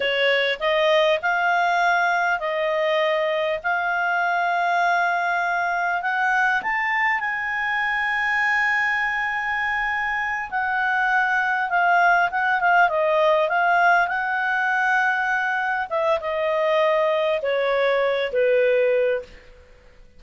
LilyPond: \new Staff \with { instrumentName = "clarinet" } { \time 4/4 \tempo 4 = 100 cis''4 dis''4 f''2 | dis''2 f''2~ | f''2 fis''4 a''4 | gis''1~ |
gis''4. fis''2 f''8~ | f''8 fis''8 f''8 dis''4 f''4 fis''8~ | fis''2~ fis''8 e''8 dis''4~ | dis''4 cis''4. b'4. | }